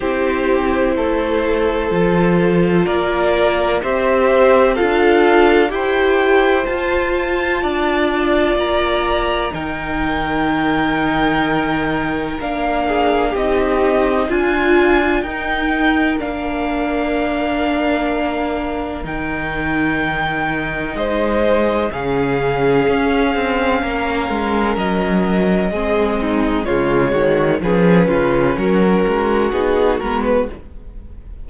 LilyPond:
<<
  \new Staff \with { instrumentName = "violin" } { \time 4/4 \tempo 4 = 63 c''2. d''4 | e''4 f''4 g''4 a''4~ | a''4 ais''4 g''2~ | g''4 f''4 dis''4 gis''4 |
g''4 f''2. | g''2 dis''4 f''4~ | f''2 dis''2 | cis''4 b'4 ais'4 gis'8 ais'16 b'16 | }
  \new Staff \with { instrumentName = "violin" } { \time 4/4 g'4 a'2 ais'4 | c''4 a'4 c''2 | d''2 ais'2~ | ais'4. gis'8 g'4 f'4 |
ais'1~ | ais'2 c''4 gis'4~ | gis'4 ais'2 gis'8 dis'8 | f'8 fis'8 gis'8 f'8 fis'2 | }
  \new Staff \with { instrumentName = "viola" } { \time 4/4 e'2 f'2 | g'4 f'4 g'4 f'4~ | f'2 dis'2~ | dis'4 d'4 dis'4 f'4 |
dis'4 d'2. | dis'2. cis'4~ | cis'2. c'4 | gis4 cis'2 dis'8 b8 | }
  \new Staff \with { instrumentName = "cello" } { \time 4/4 c'4 a4 f4 ais4 | c'4 d'4 e'4 f'4 | d'4 ais4 dis2~ | dis4 ais4 c'4 d'4 |
dis'4 ais2. | dis2 gis4 cis4 | cis'8 c'8 ais8 gis8 fis4 gis4 | cis8 dis8 f8 cis8 fis8 gis8 b8 gis8 | }
>>